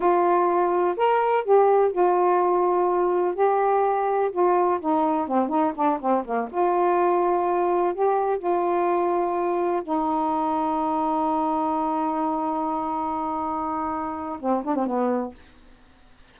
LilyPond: \new Staff \with { instrumentName = "saxophone" } { \time 4/4 \tempo 4 = 125 f'2 ais'4 g'4 | f'2. g'4~ | g'4 f'4 dis'4 c'8 dis'8 | d'8 c'8 ais8 f'2~ f'8~ |
f'8 g'4 f'2~ f'8~ | f'8 dis'2.~ dis'8~ | dis'1~ | dis'2 c'8 d'16 c'16 b4 | }